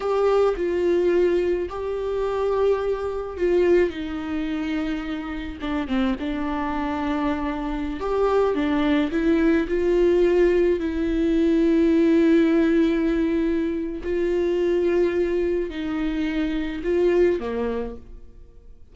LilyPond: \new Staff \with { instrumentName = "viola" } { \time 4/4 \tempo 4 = 107 g'4 f'2 g'4~ | g'2 f'4 dis'4~ | dis'2 d'8 c'8 d'4~ | d'2~ d'16 g'4 d'8.~ |
d'16 e'4 f'2 e'8.~ | e'1~ | e'4 f'2. | dis'2 f'4 ais4 | }